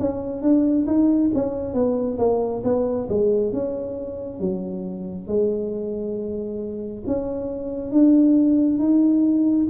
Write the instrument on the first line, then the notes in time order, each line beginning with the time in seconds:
tuba
0.00 C#4
0.42 D4
0.87 D#4
1.34 C#4
1.74 B3
2.19 A#3
2.64 B3
3.09 G#3
3.53 C#4
4.40 F#3
5.28 G#3
7.07 C#4
7.92 D4
8.79 D#4